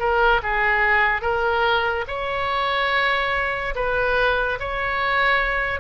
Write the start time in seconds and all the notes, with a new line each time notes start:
0.00 A#4
0.43 G#4
1.22 A#4
2.08 C#5
3.76 B4
4.60 C#5